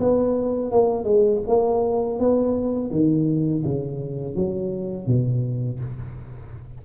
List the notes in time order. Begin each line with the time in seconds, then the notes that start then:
0.00 B3
0.72 A#3
1.04 G#3
1.47 A#3
2.20 B3
2.91 D#3
3.65 C#3
4.35 F#3
5.07 B2